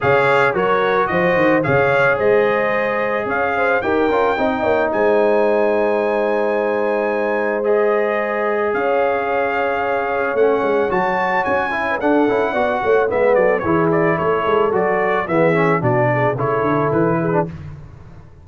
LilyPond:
<<
  \new Staff \with { instrumentName = "trumpet" } { \time 4/4 \tempo 4 = 110 f''4 cis''4 dis''4 f''4 | dis''2 f''4 g''4~ | g''4 gis''2.~ | gis''2 dis''2 |
f''2. fis''4 | a''4 gis''4 fis''2 | e''8 d''8 cis''8 d''8 cis''4 d''4 | e''4 d''4 cis''4 b'4 | }
  \new Staff \with { instrumentName = "horn" } { \time 4/4 cis''4 ais'4 c''4 cis''4 | c''2 cis''8 c''8 ais'4 | dis''8 cis''8 c''2.~ | c''1 |
cis''1~ | cis''4.~ cis''16 b'16 a'4 d''8 cis''8 | b'8 a'8 gis'4 a'2 | gis'4 fis'8 gis'8 a'4. gis'8 | }
  \new Staff \with { instrumentName = "trombone" } { \time 4/4 gis'4 fis'2 gis'4~ | gis'2. g'8 f'8 | dis'1~ | dis'2 gis'2~ |
gis'2. cis'4 | fis'4. e'8 d'8 e'8 fis'4 | b4 e'2 fis'4 | b8 cis'8 d'4 e'4.~ e'16 d'16 | }
  \new Staff \with { instrumentName = "tuba" } { \time 4/4 cis4 fis4 f8 dis8 cis4 | gis2 cis'4 dis'8 cis'8 | c'8 ais8 gis2.~ | gis1 |
cis'2. a8 gis8 | fis4 cis'4 d'8 cis'8 b8 a8 | gis8 fis8 e4 a8 gis8 fis4 | e4 b,4 cis8 d8 e4 | }
>>